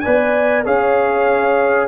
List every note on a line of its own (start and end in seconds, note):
0.00 0.66 B3
0.00 0.64 B4
0.00 0.65 D5
0.00 0.62 G#5
0.64 1.87 C#4
0.64 1.87 G#4
0.64 1.87 C#5
0.64 1.87 F5